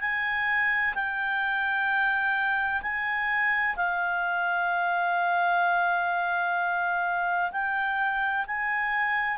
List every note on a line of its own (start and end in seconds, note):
0.00 0.94 G#5
0.94 2.82 G5
2.82 3.75 G#5
3.76 7.51 F5
7.51 8.45 G5
8.47 9.37 G#5